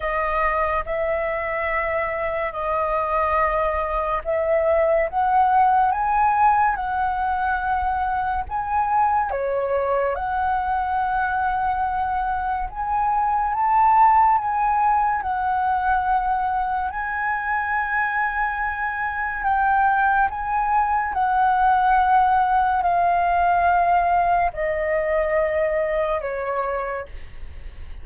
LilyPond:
\new Staff \with { instrumentName = "flute" } { \time 4/4 \tempo 4 = 71 dis''4 e''2 dis''4~ | dis''4 e''4 fis''4 gis''4 | fis''2 gis''4 cis''4 | fis''2. gis''4 |
a''4 gis''4 fis''2 | gis''2. g''4 | gis''4 fis''2 f''4~ | f''4 dis''2 cis''4 | }